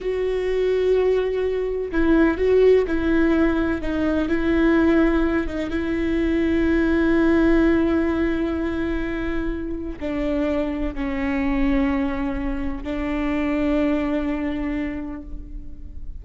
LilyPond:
\new Staff \with { instrumentName = "viola" } { \time 4/4 \tempo 4 = 126 fis'1 | e'4 fis'4 e'2 | dis'4 e'2~ e'8 dis'8 | e'1~ |
e'1~ | e'4 d'2 cis'4~ | cis'2. d'4~ | d'1 | }